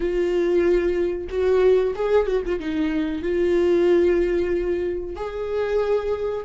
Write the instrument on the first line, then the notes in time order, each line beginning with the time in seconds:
viola
0.00 F4
1.29 F#4
1.95 G#4
2.26 F#4
2.45 F4
2.59 D#4
3.22 F4
5.16 G#4